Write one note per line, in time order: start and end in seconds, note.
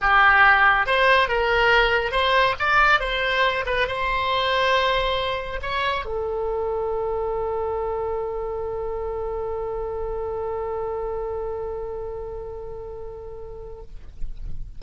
0.01 0.86 G4
0.86 1.28 C5
1.28 2.11 A#4
2.11 2.54 C5
2.59 3.00 D5
3.00 3.64 C5
3.66 3.87 B4
3.87 5.60 C5
5.62 6.05 C#5
6.05 13.82 A4